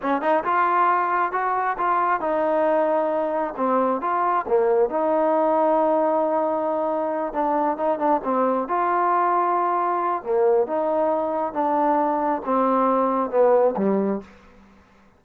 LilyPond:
\new Staff \with { instrumentName = "trombone" } { \time 4/4 \tempo 4 = 135 cis'8 dis'8 f'2 fis'4 | f'4 dis'2. | c'4 f'4 ais4 dis'4~ | dis'1~ |
dis'8 d'4 dis'8 d'8 c'4 f'8~ | f'2. ais4 | dis'2 d'2 | c'2 b4 g4 | }